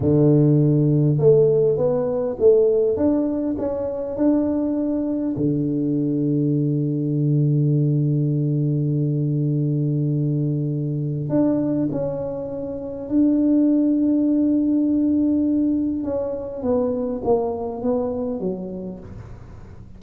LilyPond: \new Staff \with { instrumentName = "tuba" } { \time 4/4 \tempo 4 = 101 d2 a4 b4 | a4 d'4 cis'4 d'4~ | d'4 d2.~ | d1~ |
d2. d'4 | cis'2 d'2~ | d'2. cis'4 | b4 ais4 b4 fis4 | }